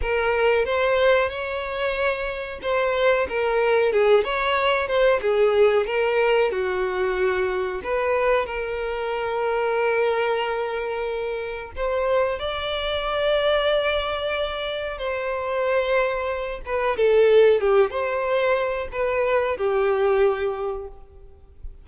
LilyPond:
\new Staff \with { instrumentName = "violin" } { \time 4/4 \tempo 4 = 92 ais'4 c''4 cis''2 | c''4 ais'4 gis'8 cis''4 c''8 | gis'4 ais'4 fis'2 | b'4 ais'2.~ |
ais'2 c''4 d''4~ | d''2. c''4~ | c''4. b'8 a'4 g'8 c''8~ | c''4 b'4 g'2 | }